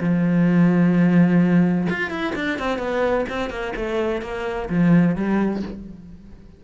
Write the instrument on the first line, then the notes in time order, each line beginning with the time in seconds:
cello
0.00 F3
1.89 F4
2.10 E4
2.35 D4
2.59 C4
2.78 B3
3.29 C4
3.50 A#3
3.76 A3
4.22 A#3
4.69 F3
5.15 G3